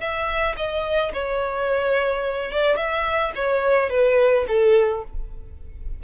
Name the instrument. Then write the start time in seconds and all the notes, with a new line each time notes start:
violin
0.00 E5
0.57 D#5
1.14 C#5
2.52 D5
2.77 E5
3.35 C#5
3.90 B4
4.48 A4